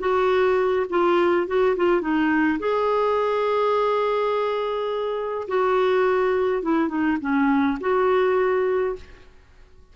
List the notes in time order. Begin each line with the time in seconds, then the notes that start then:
0.00 F#4
0.90 F4
1.48 F#4
1.76 F4
2.01 D#4
2.60 G#4
5.48 F#4
6.62 E4
6.89 D#4
7.21 C#4
7.80 F#4